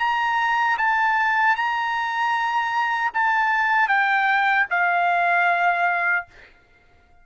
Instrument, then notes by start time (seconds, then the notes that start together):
trumpet
0.00 A#5
0.78 A5
1.56 A#5
3.14 A5
3.89 G5
4.71 F5